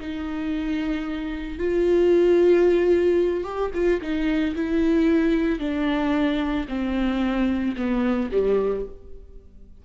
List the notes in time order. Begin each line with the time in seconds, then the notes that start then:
0.00 D#4
1.59 F4
3.44 G4
3.74 F4
4.01 D#4
4.55 E4
5.59 D4
6.68 C4
7.76 B3
8.32 G3